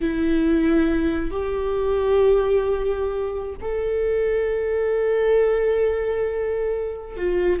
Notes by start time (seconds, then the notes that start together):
0.00 E4
1.31 G4
3.61 A4
7.16 F4